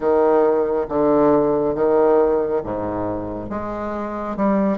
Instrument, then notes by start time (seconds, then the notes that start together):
bassoon
0.00 D#3
0.88 D3
1.74 D#3
2.63 G#2
3.49 G#3
4.36 G3